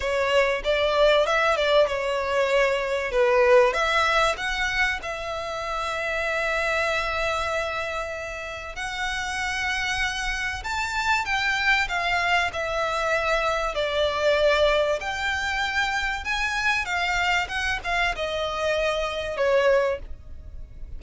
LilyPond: \new Staff \with { instrumentName = "violin" } { \time 4/4 \tempo 4 = 96 cis''4 d''4 e''8 d''8 cis''4~ | cis''4 b'4 e''4 fis''4 | e''1~ | e''2 fis''2~ |
fis''4 a''4 g''4 f''4 | e''2 d''2 | g''2 gis''4 f''4 | fis''8 f''8 dis''2 cis''4 | }